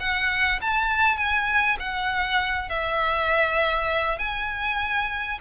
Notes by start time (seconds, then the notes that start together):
0.00 F#5
0.62 A5
1.17 G#5
1.79 F#5
2.69 E5
4.19 G#5